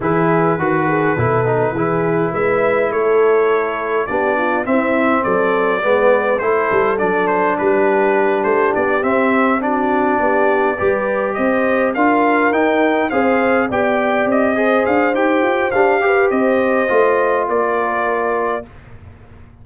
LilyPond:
<<
  \new Staff \with { instrumentName = "trumpet" } { \time 4/4 \tempo 4 = 103 b'1 | e''4 cis''2 d''4 | e''4 d''2 c''4 | d''8 c''8 b'4. c''8 d''8 e''8~ |
e''8 d''2. dis''8~ | dis''8 f''4 g''4 f''4 g''8~ | g''8 dis''4 f''8 g''4 f''4 | dis''2 d''2 | }
  \new Staff \with { instrumentName = "horn" } { \time 4/4 gis'4 fis'8 gis'8 a'4 gis'4 | b'4 a'2 g'8 f'8 | e'4 a'4 b'4 a'4~ | a'4 g'2.~ |
g'8 fis'4 g'4 b'4 c''8~ | c''8 ais'2 c''4 d''8~ | d''4 c''2~ c''8 b'8 | c''2 ais'2 | }
  \new Staff \with { instrumentName = "trombone" } { \time 4/4 e'4 fis'4 e'8 dis'8 e'4~ | e'2. d'4 | c'2 b4 e'4 | d'2.~ d'8 c'8~ |
c'8 d'2 g'4.~ | g'8 f'4 dis'4 gis'4 g'8~ | g'4 gis'4 g'4 d'8 g'8~ | g'4 f'2. | }
  \new Staff \with { instrumentName = "tuba" } { \time 4/4 e4 dis4 b,4 e4 | gis4 a2 b4 | c'4 fis4 gis4 a8 g8 | fis4 g4. a8 b8 c'8~ |
c'4. b4 g4 c'8~ | c'8 d'4 dis'4 c'4 b8~ | b8 c'4 d'8 dis'8 f'8 g'4 | c'4 a4 ais2 | }
>>